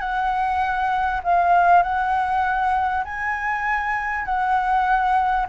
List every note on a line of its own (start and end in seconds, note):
0.00 1.21 F#5
1.23 1.83 F5
1.83 3.04 F#5
3.04 4.25 G#5
4.25 5.46 F#5